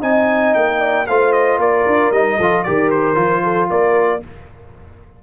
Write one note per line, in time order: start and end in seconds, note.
0.00 0.54 C4
0.00 1.05 D#4
0.00 0.80 D#5
0.00 0.54 G#5
0.54 1.08 A#3
0.54 1.06 G5
0.80 1.06 D5
1.07 1.58 A3
1.07 2.13 F4
1.07 1.59 C5
1.07 1.32 F5
1.32 1.58 D#5
1.58 1.84 A#3
1.58 2.38 A#4
1.58 2.11 D5
1.86 2.11 D4
2.11 2.37 G3
2.11 2.40 D#4
2.11 2.63 D#5
2.38 2.65 F3
2.38 2.65 F4
2.38 2.64 A4
2.63 3.16 D#3
2.63 3.14 G4
2.63 3.43 A#4
2.63 2.89 D5
2.90 3.69 C5
3.14 3.69 F3
3.14 4.20 F4
3.43 3.69 A4
3.70 4.23 A#3
3.70 4.22 A#4
3.70 4.23 D5